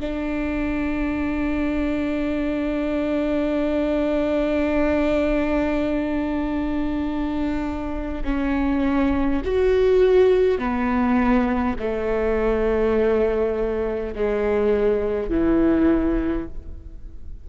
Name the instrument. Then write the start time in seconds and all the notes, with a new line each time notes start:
viola
0.00 D4
8.24 C#4
9.45 F#4
10.58 B3
11.79 A3
14.15 G#3
15.30 E3